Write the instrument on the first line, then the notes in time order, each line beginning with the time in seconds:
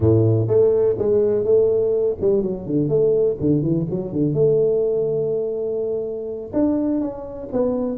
tuba
0.00 A2
0.47 A3
0.98 G#3
1.44 A3
2.20 G3
2.42 F#3
2.66 D3
2.89 A3
3.40 D3
3.62 E3
3.90 F#3
4.12 D3
4.33 A3
6.53 D4
7.00 C#4
7.52 B3